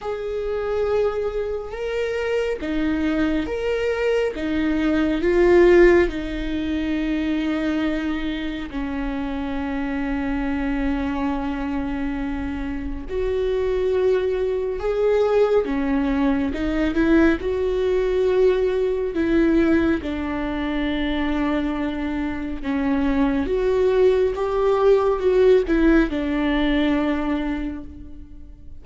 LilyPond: \new Staff \with { instrumentName = "viola" } { \time 4/4 \tempo 4 = 69 gis'2 ais'4 dis'4 | ais'4 dis'4 f'4 dis'4~ | dis'2 cis'2~ | cis'2. fis'4~ |
fis'4 gis'4 cis'4 dis'8 e'8 | fis'2 e'4 d'4~ | d'2 cis'4 fis'4 | g'4 fis'8 e'8 d'2 | }